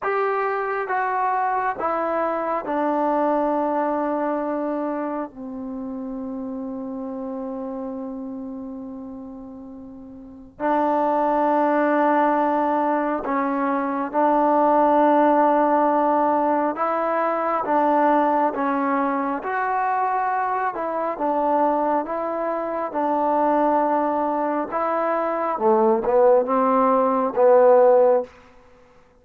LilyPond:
\new Staff \with { instrumentName = "trombone" } { \time 4/4 \tempo 4 = 68 g'4 fis'4 e'4 d'4~ | d'2 c'2~ | c'1 | d'2. cis'4 |
d'2. e'4 | d'4 cis'4 fis'4. e'8 | d'4 e'4 d'2 | e'4 a8 b8 c'4 b4 | }